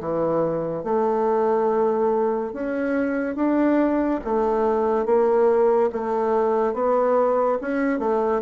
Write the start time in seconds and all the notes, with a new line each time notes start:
0.00 E3
0.84 A3
2.53 C#4
3.36 D4
4.24 A3
5.06 A#3
5.93 A3
6.74 B3
7.61 C#4
7.99 A3